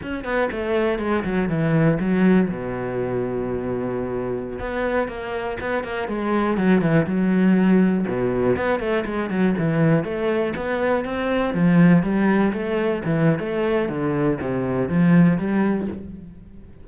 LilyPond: \new Staff \with { instrumentName = "cello" } { \time 4/4 \tempo 4 = 121 cis'8 b8 a4 gis8 fis8 e4 | fis4 b,2.~ | b,4~ b,16 b4 ais4 b8 ais16~ | ais16 gis4 fis8 e8 fis4.~ fis16~ |
fis16 b,4 b8 a8 gis8 fis8 e8.~ | e16 a4 b4 c'4 f8.~ | f16 g4 a4 e8. a4 | d4 c4 f4 g4 | }